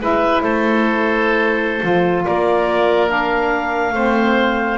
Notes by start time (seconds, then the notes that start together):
0.00 G#3 E4 B4 E5
0.43 A3 A4 C5
1.81 F3 F4
2.26 A#3 A#4 D5
3.08 D4 F5
3.93 A3 C4 C5